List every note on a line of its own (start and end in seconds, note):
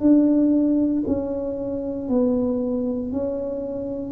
0.00 1.03 D4
1.07 2.09 C#4
2.09 3.12 B3
3.12 4.12 C#4